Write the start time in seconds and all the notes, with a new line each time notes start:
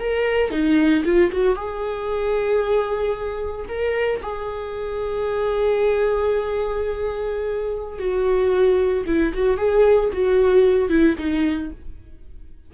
0.00 A#4
0.51 D#4
1.05 F4
1.32 F#4
1.56 G#4
3.69 A#4
4.23 G#4
7.99 F#4
9.07 E4
9.34 F#4
9.58 G#4
10.13 F#4
10.90 E4
11.18 D#4